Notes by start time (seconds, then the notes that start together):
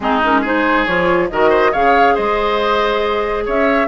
0.00 G#3 C4 D#4 G#4
0.23 C#4 A#4
0.41 D#4 G#4 C5
0.85 F3 F4 C#5
1.29 D#3 F#4 A#4 D#5
1.49 C5
1.72 C#3 G#4 C#5 F5
2.14 G#3 C5 D#5
3.45 C#4 C#5 E5